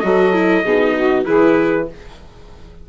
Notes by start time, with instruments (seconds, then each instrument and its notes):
0.00 bassoon F#3, viola F#4, saxophone A4, trumpet D#5
0.33 viola E4
0.63 bassoon B2, viola D#4, saxophone G#4
0.97 saxophone F#4
1.25 bassoon E3, viola E4, saxophone G#4, trumpet B4